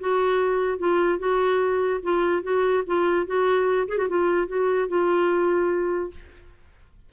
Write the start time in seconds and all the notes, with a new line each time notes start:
0.00 F#4
0.78 F4
1.19 F#4
2.03 F4
2.43 F#4
2.86 F4
3.26 F#4
3.88 G#4
3.98 F#4
4.09 F4
4.48 F#4
4.88 F4